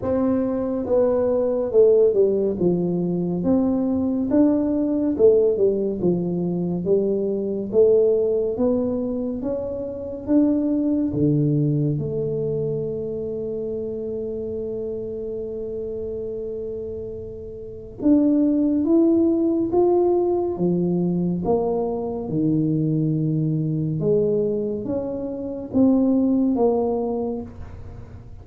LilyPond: \new Staff \with { instrumentName = "tuba" } { \time 4/4 \tempo 4 = 70 c'4 b4 a8 g8 f4 | c'4 d'4 a8 g8 f4 | g4 a4 b4 cis'4 | d'4 d4 a2~ |
a1~ | a4 d'4 e'4 f'4 | f4 ais4 dis2 | gis4 cis'4 c'4 ais4 | }